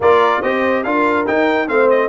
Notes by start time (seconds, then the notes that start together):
0.00 A#3 F4 A#4 D5
0.41 C4 G4 C5 D#5
0.83 D4 F4 A#4 F5
1.26 D#4 G5
1.67 A3 C4 C5 F5
1.90 D#5